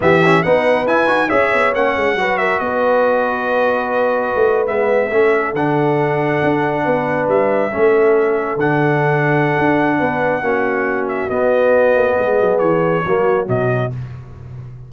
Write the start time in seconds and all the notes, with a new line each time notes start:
0.00 E3 B3 G4 E5
0.25 C#4
0.42 B3 D#4 B4 F#5
0.87 E4 G#5
1.06 D#4 F#4
1.28 C#4 G#4 C#5 E5
1.53 B3
1.74 A#3 C#4 F#5
1.96 G#3
2.15 F#3 F#4 B4
2.37 A#4 E5
2.59 B3 B4 D#5
4.35 A3
4.66 G#3 B3 E5
5.10 A3 C#4 A4
5.53 D3 D4 F#5
6.43 D4
6.84 B3 B4
7.28 G3 E5
7.71 A3 C#4 A4
8.56 D3 D4 F#5
9.58 D4
9.98 B3 B4
10.41 A#3 C#4 F#4
11.08 E5
11.29 B3 D#5
11.95 A#3
12.17 G#3 G#4
12.40 F#3
12.58 E3 C#5
13.05 F#3 A#3 F#4
13.46 B2 F#3 D#5